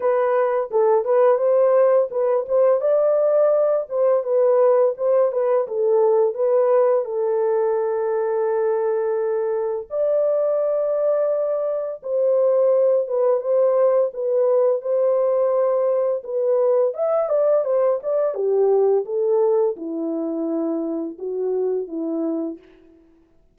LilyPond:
\new Staff \with { instrumentName = "horn" } { \time 4/4 \tempo 4 = 85 b'4 a'8 b'8 c''4 b'8 c''8 | d''4. c''8 b'4 c''8 b'8 | a'4 b'4 a'2~ | a'2 d''2~ |
d''4 c''4. b'8 c''4 | b'4 c''2 b'4 | e''8 d''8 c''8 d''8 g'4 a'4 | e'2 fis'4 e'4 | }